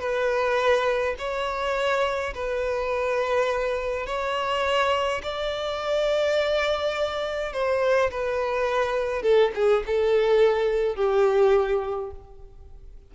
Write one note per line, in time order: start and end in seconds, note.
0.00 1.15 B4
1.19 2.34 C#5
2.34 4.06 B4
4.06 5.22 C#5
5.23 7.53 D5
7.53 8.11 C5
8.11 9.23 B4
9.23 9.51 A4
9.55 9.84 G#4
9.87 10.96 A4
10.96 12.11 G4